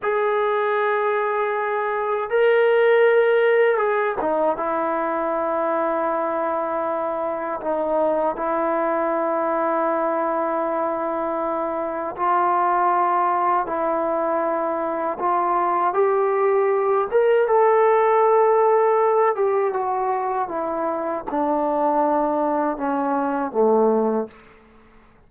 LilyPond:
\new Staff \with { instrumentName = "trombone" } { \time 4/4 \tempo 4 = 79 gis'2. ais'4~ | ais'4 gis'8 dis'8 e'2~ | e'2 dis'4 e'4~ | e'1 |
f'2 e'2 | f'4 g'4. ais'8 a'4~ | a'4. g'8 fis'4 e'4 | d'2 cis'4 a4 | }